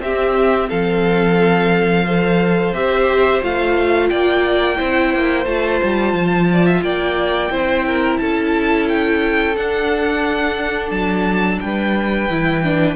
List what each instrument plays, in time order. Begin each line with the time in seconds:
0.00 cello C4, viola C4, violin G4 E5
0.70 cello F3, violin A4 F5
2.05 viola A4, violin C5
2.73 cello C4, viola G4, violin E5
3.42 cello A3, viola F4, violin F5
4.09 cello A#3, violin D5 G5
4.77 cello C4, viola E4, violin C5
5.15 cello A#3
5.46 cello A3, viola F4, violin A5
5.84 cello G3
6.13 cello F3
6.53 violin D5
6.66 violin E5
6.83 cello A#3, violin D5 G5
7.51 cello C4, viola E4, violin C5
7.87 violin A#4
8.18 cello C#4, violin A4 A5
8.89 violin G5
9.57 viola D4, cello D4, violin F#5
10.91 cello F#3, violin A5
11.61 cello G3, violin B4 G5
12.30 cello E3, viola E4
12.64 viola D4